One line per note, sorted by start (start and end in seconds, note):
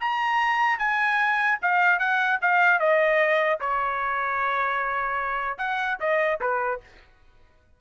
0.00 0.78 A#5
0.78 1.58 G#5
1.61 1.99 F5
1.99 2.39 F#5
2.41 2.79 F5
2.79 3.59 D#5
3.60 5.57 C#5
5.57 5.97 F#5
5.99 6.39 D#5
6.40 6.80 B4